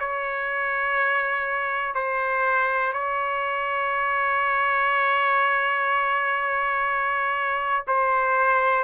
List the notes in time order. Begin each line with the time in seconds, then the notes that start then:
0.00 C#5
1.94 C5
2.93 C#5
7.87 C5